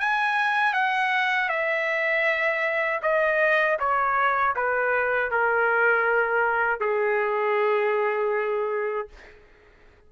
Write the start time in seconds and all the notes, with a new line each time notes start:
0.00 G#5
0.74 F#5
1.49 E5
3.02 D#5
3.79 C#5
4.56 B4
5.31 A#4
6.80 G#4